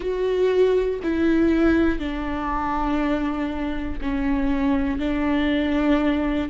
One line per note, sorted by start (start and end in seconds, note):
0.00 1.00 F#4
1.03 1.99 E4
1.99 3.99 D4
4.00 4.99 C#4
4.99 6.49 D4